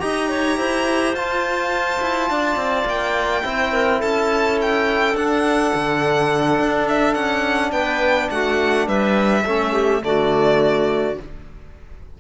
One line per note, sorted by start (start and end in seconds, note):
0.00 0.57 D#4
0.00 1.14 G4
0.00 0.29 D#5
0.00 1.15 A#5
0.29 0.57 C#5
0.57 1.13 E4
0.57 2.29 C5
1.13 1.99 F4
1.13 3.43 F4
1.13 2.87 A5
2.01 2.30 E4
2.30 2.55 D4
2.30 3.44 D5
2.55 2.84 C4
2.85 3.42 A#3
2.85 4.01 G5
3.43 4.02 C4
3.43 5.14 E4
3.43 3.73 C5
3.73 3.99 A#4
3.99 5.14 C#4
3.99 7.70 A4
3.99 4.58 A5
4.61 5.16 G5
5.14 5.72 D4
5.14 9.43 D4
5.14 6.87 F#5
5.74 6.59 D3
6.59 7.15 D4
6.88 7.14 E5
7.14 7.72 C#4
7.14 7.71 F#5
7.72 8.29 B3
7.72 8.30 B4
7.72 8.29 G5
8.30 8.87 A3
8.30 8.86 F#4
8.30 8.88 F#5
8.86 9.44 G3
8.86 9.43 B4
8.86 10.02 E5
9.44 10.02 A3
9.44 10.01 C#4
9.44 9.72 A4
9.72 10.00 G4
10.01 11.17 D3
10.01 11.15 A3
10.01 11.20 F#4
10.01 11.18 D5